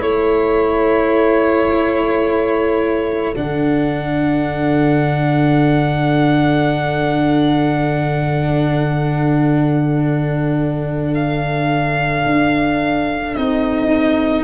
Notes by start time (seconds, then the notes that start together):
0.00 A3 E4 A4 C#5
3.35 D3 D4 F#5
11.14 F5
12.25 D4
13.36 C4 D#4 D#5